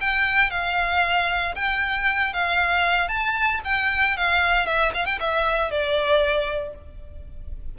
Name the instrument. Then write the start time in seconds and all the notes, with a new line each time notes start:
violin
0.00 G5
0.50 F5
1.55 G5
2.33 F5
3.08 A5
3.64 G5
4.16 F5
4.66 E5
4.94 F5
5.05 G5
5.20 E5
5.70 D5